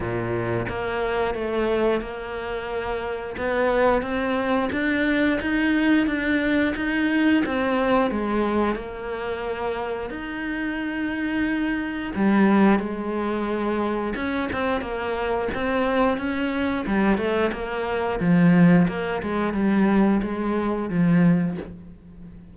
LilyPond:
\new Staff \with { instrumentName = "cello" } { \time 4/4 \tempo 4 = 89 ais,4 ais4 a4 ais4~ | ais4 b4 c'4 d'4 | dis'4 d'4 dis'4 c'4 | gis4 ais2 dis'4~ |
dis'2 g4 gis4~ | gis4 cis'8 c'8 ais4 c'4 | cis'4 g8 a8 ais4 f4 | ais8 gis8 g4 gis4 f4 | }